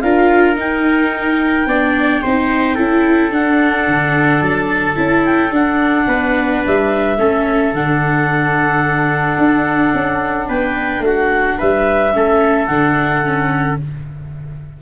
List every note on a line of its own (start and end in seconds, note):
0.00 0.56 D4
0.00 0.55 F4
0.00 1.68 A#4
0.00 0.55 F5
0.55 1.65 D#4
0.55 1.66 D#4
0.55 3.33 G5
1.66 2.21 B3
1.66 2.24 D4
1.66 2.22 D5
2.22 2.78 C4
2.22 2.77 D#4
2.22 2.75 C5
2.75 3.32 C#4
2.75 3.31 E4
2.75 6.05 A4
3.31 4.96 D4
3.31 3.87 D4
3.31 4.42 F#5
3.87 4.42 D3
4.42 4.97 F#3
4.42 5.24 A5
4.96 5.51 C#4
4.96 5.51 E4
5.24 5.52 G5
5.51 6.06 D4
5.51 7.17 D4
5.51 6.64 F#5
6.07 6.62 B3
6.07 7.18 B4
6.66 7.18 G3
6.66 7.74 E5
7.18 7.73 A3
7.18 7.74 C#4
7.18 10.48 A4
7.73 9.38 D3
7.73 12.13 D4
7.73 10.48 F#5
9.38 9.93 D4
9.94 10.49 C#4
10.48 10.99 B3
10.48 11.03 B4
10.48 11.03 G5
10.99 11.54 A3
10.99 11.58 F#4
10.99 11.59 F#5
11.58 12.14 G3
11.58 12.13 B4
11.58 12.67 E5
12.13 12.69 A3
12.13 12.68 C#4
12.13 13.81 A4
12.67 13.79 D3
12.67 13.25 D4
12.67 13.77 F#5
13.25 13.80 C#4